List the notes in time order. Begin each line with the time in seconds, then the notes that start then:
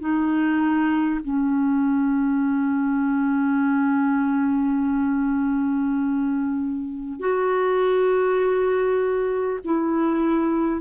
0.00 D#4
1.24 C#4
7.19 F#4
9.64 E4